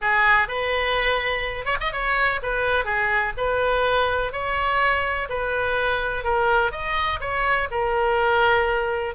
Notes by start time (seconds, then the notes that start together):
0.01 G#4
0.48 B4
1.65 C#5
1.80 D#5
1.92 C#5
2.42 B4
2.85 G#4
3.37 B4
4.32 C#5
5.29 B4
6.24 A#4
6.71 D#5
7.20 C#5
7.71 A#4